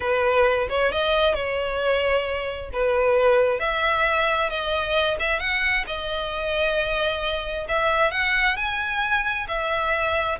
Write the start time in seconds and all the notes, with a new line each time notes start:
0.00 B4
0.69 C#5
0.92 D#5
1.34 C#5
2.72 B4
3.59 E5
4.49 D#5
5.19 E5
5.39 F#5
5.86 D#5
7.68 E5
8.11 F#5
8.56 G#5
9.48 E5